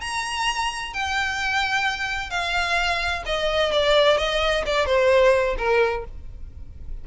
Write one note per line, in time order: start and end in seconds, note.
0.00 0.93 A#5
0.93 2.30 G5
2.30 3.23 F5
3.25 3.71 D#5
3.71 4.17 D5
4.17 4.63 D#5
4.66 4.86 D5
4.86 5.55 C5
5.58 6.04 A#4